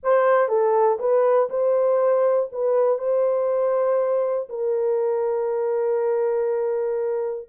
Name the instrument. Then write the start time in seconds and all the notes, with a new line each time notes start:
horn
0.03 C5
0.48 A4
0.99 B4
1.49 C5
2.51 B4
2.98 C5
4.49 A#4